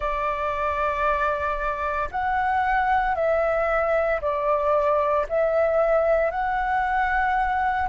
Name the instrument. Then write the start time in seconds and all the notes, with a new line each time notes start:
flute
0.00 D5
2.11 F#5
3.15 E5
4.21 D5
5.28 E5
6.30 F#5